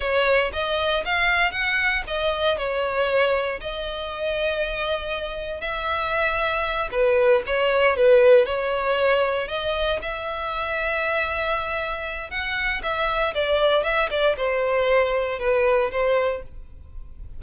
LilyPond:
\new Staff \with { instrumentName = "violin" } { \time 4/4 \tempo 4 = 117 cis''4 dis''4 f''4 fis''4 | dis''4 cis''2 dis''4~ | dis''2. e''4~ | e''4. b'4 cis''4 b'8~ |
b'8 cis''2 dis''4 e''8~ | e''1 | fis''4 e''4 d''4 e''8 d''8 | c''2 b'4 c''4 | }